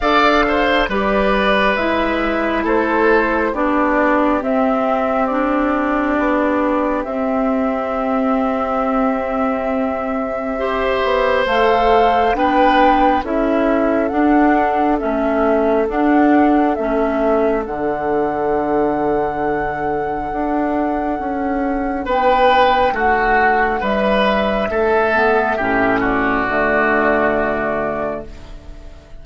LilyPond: <<
  \new Staff \with { instrumentName = "flute" } { \time 4/4 \tempo 4 = 68 f''4 d''4 e''4 c''4 | d''4 e''4 d''2 | e''1~ | e''4 f''4 g''4 e''4 |
fis''4 e''4 fis''4 e''4 | fis''1~ | fis''4 g''4 fis''4 e''4~ | e''4. d''2~ d''8 | }
  \new Staff \with { instrumentName = "oboe" } { \time 4/4 d''8 c''8 b'2 a'4 | g'1~ | g'1 | c''2 b'4 a'4~ |
a'1~ | a'1~ | a'4 b'4 fis'4 b'4 | a'4 g'8 fis'2~ fis'8 | }
  \new Staff \with { instrumentName = "clarinet" } { \time 4/4 a'4 g'4 e'2 | d'4 c'4 d'2 | c'1 | g'4 a'4 d'4 e'4 |
d'4 cis'4 d'4 cis'4 | d'1~ | d'1~ | d'8 b8 cis'4 a2 | }
  \new Staff \with { instrumentName = "bassoon" } { \time 4/4 d'4 g4 gis4 a4 | b4 c'2 b4 | c'1~ | c'8 b8 a4 b4 cis'4 |
d'4 a4 d'4 a4 | d2. d'4 | cis'4 b4 a4 g4 | a4 a,4 d2 | }
>>